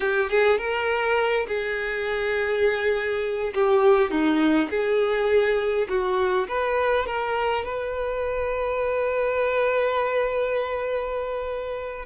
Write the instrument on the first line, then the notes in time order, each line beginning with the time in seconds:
violin
0.00 G4
0.30 G#4
0.58 A#4
1.47 G#4
3.54 G4
4.10 D#4
4.70 G#4
5.88 F#4
6.48 B4
7.06 A#4
7.65 B4